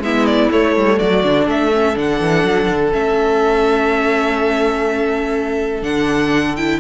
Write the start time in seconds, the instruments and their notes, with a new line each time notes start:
0.00 cello G#3, viola B3, violin E4 E5
0.26 violin D5
0.52 viola A3, cello A3, violin C#5
0.76 cello G3
0.98 cello F#3, violin F#4 D5
1.24 cello D3, viola D4
1.46 cello A3, violin A4 E5
1.74 viola C#4
1.96 cello D3, viola D4, violin F#5
2.21 cello E3
2.44 cello F#3
2.69 cello D3
2.92 cello A3, viola C#4, violin E5
5.83 cello D3, viola D4, violin F#5
6.56 viola E4, violin G5